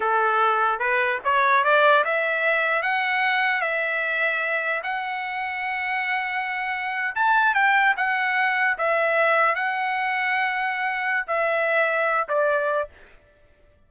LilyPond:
\new Staff \with { instrumentName = "trumpet" } { \time 4/4 \tempo 4 = 149 a'2 b'4 cis''4 | d''4 e''2 fis''4~ | fis''4 e''2. | fis''1~ |
fis''4.~ fis''16 a''4 g''4 fis''16~ | fis''4.~ fis''16 e''2 fis''16~ | fis''1 | e''2~ e''8 d''4. | }